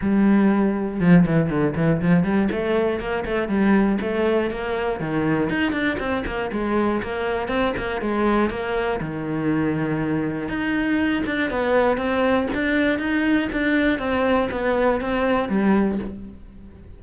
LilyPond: \new Staff \with { instrumentName = "cello" } { \time 4/4 \tempo 4 = 120 g2 f8 e8 d8 e8 | f8 g8 a4 ais8 a8 g4 | a4 ais4 dis4 dis'8 d'8 | c'8 ais8 gis4 ais4 c'8 ais8 |
gis4 ais4 dis2~ | dis4 dis'4. d'8 b4 | c'4 d'4 dis'4 d'4 | c'4 b4 c'4 g4 | }